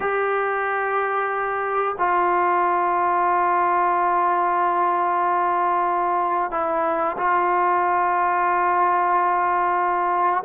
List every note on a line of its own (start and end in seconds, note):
0.00 1.95 G4
1.98 6.51 F4
6.51 7.16 E4
7.17 10.43 F4